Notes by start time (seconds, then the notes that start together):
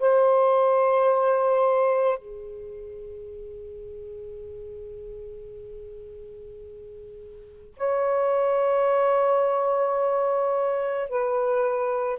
0.00 C5
2.18 G#4
7.77 C#5
11.10 B4